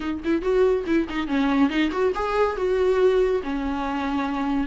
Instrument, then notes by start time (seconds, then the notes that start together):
viola
0.00 D#4
0.24 E4
0.41 F#4
0.86 E4
1.09 D#4
1.27 C#4
1.69 D#4
1.91 F#4
2.14 G#4
2.56 F#4
3.43 C#4